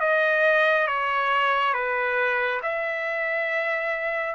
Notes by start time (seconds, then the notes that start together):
0.00 D#5
0.87 C#5
1.74 B4
2.62 E5